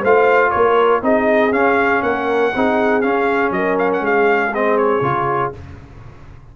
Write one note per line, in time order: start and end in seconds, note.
0.00 0.54 A3
0.00 1.02 F4
0.00 0.50 C5
0.00 0.51 F5
0.51 1.02 A#3
0.51 1.02 A#4
0.51 1.01 C#5
1.02 1.52 C4
1.02 1.52 D#4
1.02 2.04 G#4
1.02 1.53 D#5
1.52 2.02 C#4
1.52 2.53 C#4
1.52 2.03 F5
2.03 2.53 A#3
2.03 2.55 A#4
2.03 3.02 F#5
2.55 3.05 C4
2.55 3.02 D#4
2.55 3.55 G#4
3.02 4.53 C#4
3.02 3.51 C#4
3.02 3.52 F5
3.51 4.01 F#3
3.51 4.05 A#4
3.51 3.78 D#5
3.79 3.91 F5
3.93 4.06 F#5
4.01 5.01 G#3
4.01 5.56 G#4
4.01 4.55 F5
4.54 5.03 C4
4.54 4.78 D#5
4.78 5.53 C#5
5.02 5.52 C#3
5.02 5.53 F4